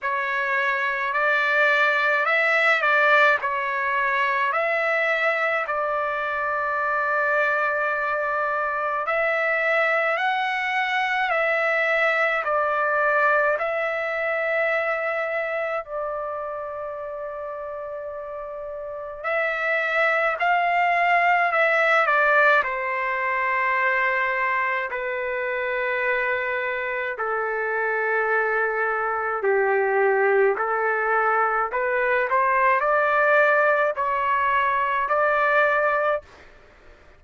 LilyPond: \new Staff \with { instrumentName = "trumpet" } { \time 4/4 \tempo 4 = 53 cis''4 d''4 e''8 d''8 cis''4 | e''4 d''2. | e''4 fis''4 e''4 d''4 | e''2 d''2~ |
d''4 e''4 f''4 e''8 d''8 | c''2 b'2 | a'2 g'4 a'4 | b'8 c''8 d''4 cis''4 d''4 | }